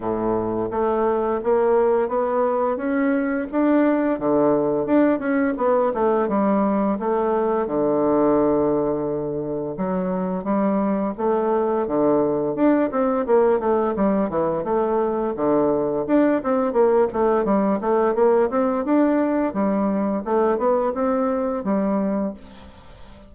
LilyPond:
\new Staff \with { instrumentName = "bassoon" } { \time 4/4 \tempo 4 = 86 a,4 a4 ais4 b4 | cis'4 d'4 d4 d'8 cis'8 | b8 a8 g4 a4 d4~ | d2 fis4 g4 |
a4 d4 d'8 c'8 ais8 a8 | g8 e8 a4 d4 d'8 c'8 | ais8 a8 g8 a8 ais8 c'8 d'4 | g4 a8 b8 c'4 g4 | }